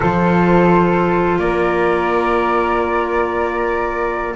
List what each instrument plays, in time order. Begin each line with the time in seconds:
0.00 double bass F3, clarinet F4, flute A4 C5
1.38 double bass A#3, flute A#4 D5